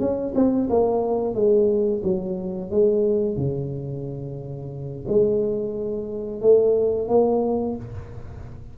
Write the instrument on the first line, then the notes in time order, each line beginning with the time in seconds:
tuba
0.00 C#4
0.35 C4
0.70 A#3
1.35 G#3
2.04 F#3
2.71 G#3
3.37 C#3
5.08 G#3
6.42 A3
7.09 A#3